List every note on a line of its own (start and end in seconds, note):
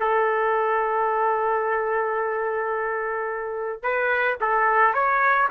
0.00 3.83 A4
3.83 4.38 B4
4.41 4.94 A4
4.94 5.49 C#5